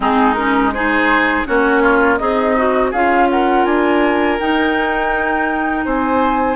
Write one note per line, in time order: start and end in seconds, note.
0.00 1.43 G#3
0.00 0.36 C4
0.00 0.73 D#4
0.00 0.34 G#4
0.34 0.73 C#4
0.34 0.70 A#4
0.73 1.45 D#4
0.73 1.47 G#4
0.73 1.46 C5
1.45 2.20 A#3
1.45 2.18 C#4
1.45 1.82 F#4
1.45 2.17 C#5
1.82 2.19 F4
2.17 2.92 C4
2.17 2.91 D#4
2.17 2.55 G#4
2.17 2.90 D#5
2.57 2.93 F#4
2.91 3.65 C#4
2.91 4.39 F4
2.91 3.27 G#4
2.91 3.29 F5
3.30 5.85 A#4
3.30 3.65 F#5
3.65 4.38 D4
3.65 4.38 G#5
4.39 6.55 D#4
4.39 5.85 D#4
4.39 5.86 G5
5.85 6.55 C4
5.85 6.55 C5
5.85 6.55 G#5